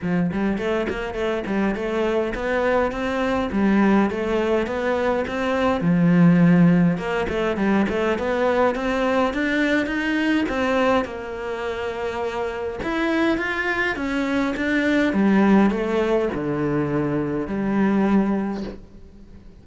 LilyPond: \new Staff \with { instrumentName = "cello" } { \time 4/4 \tempo 4 = 103 f8 g8 a8 ais8 a8 g8 a4 | b4 c'4 g4 a4 | b4 c'4 f2 | ais8 a8 g8 a8 b4 c'4 |
d'4 dis'4 c'4 ais4~ | ais2 e'4 f'4 | cis'4 d'4 g4 a4 | d2 g2 | }